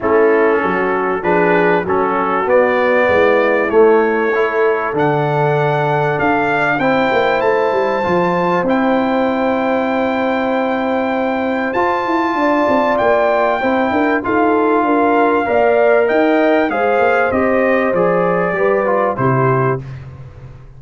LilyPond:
<<
  \new Staff \with { instrumentName = "trumpet" } { \time 4/4 \tempo 4 = 97 a'2 b'4 a'4 | d''2 cis''2 | fis''2 f''4 g''4 | a''2 g''2~ |
g''2. a''4~ | a''4 g''2 f''4~ | f''2 g''4 f''4 | dis''4 d''2 c''4 | }
  \new Staff \with { instrumentName = "horn" } { \time 4/4 e'4 fis'4 gis'4 fis'4~ | fis'4 e'2 a'4~ | a'2. c''4~ | c''1~ |
c''1 | d''2 c''8 ais'8 a'4 | ais'4 d''4 dis''4 c''4~ | c''2 b'4 g'4 | }
  \new Staff \with { instrumentName = "trombone" } { \time 4/4 cis'2 d'4 cis'4 | b2 a4 e'4 | d'2. e'4~ | e'4 f'4 e'2~ |
e'2. f'4~ | f'2 e'4 f'4~ | f'4 ais'2 gis'4 | g'4 gis'4 g'8 f'8 e'4 | }
  \new Staff \with { instrumentName = "tuba" } { \time 4/4 a4 fis4 f4 fis4 | b4 gis4 a2 | d2 d'4 c'8 ais8 | a8 g8 f4 c'2~ |
c'2. f'8 e'8 | d'8 c'8 ais4 c'8 d'8 dis'4 | d'4 ais4 dis'4 gis8 ais8 | c'4 f4 g4 c4 | }
>>